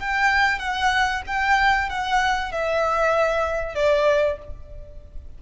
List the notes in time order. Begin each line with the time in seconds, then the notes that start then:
0.00 G5
0.59 F#5
1.27 G5
1.90 F#5
2.52 E5
3.76 D5